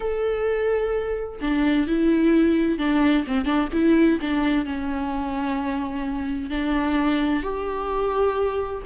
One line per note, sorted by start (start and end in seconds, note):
0.00 1.39 A4
1.41 1.87 D4
1.87 2.78 E4
2.78 3.25 D4
3.27 3.45 C4
3.45 3.68 D4
3.73 4.19 E4
4.20 4.65 D4
4.65 6.50 C#4
6.50 7.42 D4
7.42 8.82 G4